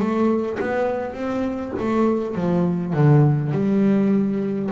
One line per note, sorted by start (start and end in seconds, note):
0.00 0.59 A3
0.60 1.14 B3
1.14 1.73 C4
1.80 2.35 A3
2.35 2.94 F3
2.94 3.52 D3
3.52 4.70 G3